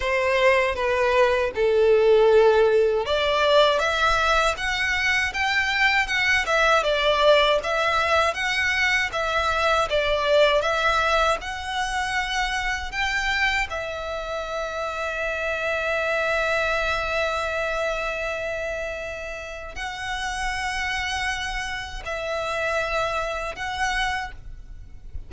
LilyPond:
\new Staff \with { instrumentName = "violin" } { \time 4/4 \tempo 4 = 79 c''4 b'4 a'2 | d''4 e''4 fis''4 g''4 | fis''8 e''8 d''4 e''4 fis''4 | e''4 d''4 e''4 fis''4~ |
fis''4 g''4 e''2~ | e''1~ | e''2 fis''2~ | fis''4 e''2 fis''4 | }